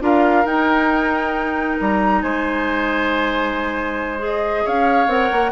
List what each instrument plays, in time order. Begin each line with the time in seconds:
0.00 bassoon D4, clarinet F4, oboe A#4, flute F5
0.45 bassoon D#4, clarinet D#4, flute G5
1.80 bassoon G3, flute A#5
2.22 bassoon G#3, oboe C5, flute G#5
4.19 clarinet G#4, flute D#5
4.64 bassoon C#4, oboe C#5, flute F5
5.07 bassoon C4, clarinet A#4, flute F#5
5.32 bassoon A#3